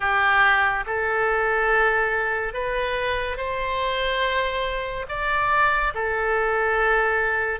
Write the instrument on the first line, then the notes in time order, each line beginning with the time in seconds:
oboe
0.00 G4
0.86 A4
2.53 B4
3.36 C5
5.08 D5
5.94 A4